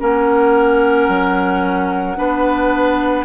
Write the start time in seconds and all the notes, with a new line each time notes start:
0.00 A#3 C#4 A#4 F#5
1.09 F#3
2.17 B3 D4 B4